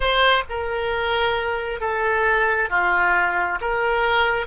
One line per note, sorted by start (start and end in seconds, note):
0.00 0.43 C5
0.49 1.80 A#4
1.80 2.69 A4
2.69 3.59 F4
3.61 4.46 A#4